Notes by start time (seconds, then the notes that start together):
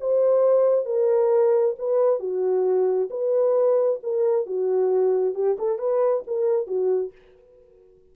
0.00 C5
0.85 A#4
1.78 B4
2.19 F#4
3.10 B4
4.03 A#4
4.46 F#4
5.34 G4
5.58 A4
5.79 B4
6.27 A#4
6.67 F#4